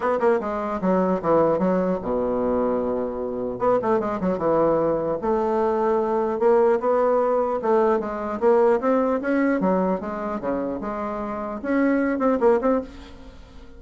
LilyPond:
\new Staff \with { instrumentName = "bassoon" } { \time 4/4 \tempo 4 = 150 b8 ais8 gis4 fis4 e4 | fis4 b,2.~ | b,4 b8 a8 gis8 fis8 e4~ | e4 a2. |
ais4 b2 a4 | gis4 ais4 c'4 cis'4 | fis4 gis4 cis4 gis4~ | gis4 cis'4. c'8 ais8 c'8 | }